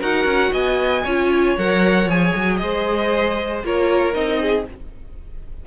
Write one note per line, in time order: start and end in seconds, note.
0.00 0.25 D#4
0.00 1.04 F#4
0.00 0.52 A#4
0.00 0.54 F#5
0.25 0.50 C#4
0.52 1.05 B3
0.52 1.04 D#5
0.52 1.57 G#5
1.04 1.57 C#4
1.04 1.59 F4
1.04 2.59 C#5
1.58 2.06 F#3
1.58 2.09 A#4
1.58 2.10 F#5
2.06 2.32 F3
2.06 3.64 G#4
2.06 2.57 G#5
2.36 2.62 F#3
2.57 3.64 G#3
2.57 3.65 C5
2.57 3.61 D#5
3.64 4.15 A#3
3.64 4.13 F4
3.64 4.41 A#4
3.64 4.14 C#5
4.13 4.67 C4
4.13 4.65 D#4
4.13 4.66 D#5
4.41 4.66 G#4